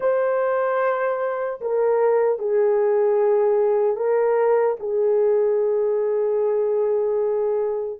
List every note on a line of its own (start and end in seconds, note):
0.00 1.60 C5
1.60 2.39 A#4
2.39 3.96 G#4
3.96 4.76 A#4
4.79 7.99 G#4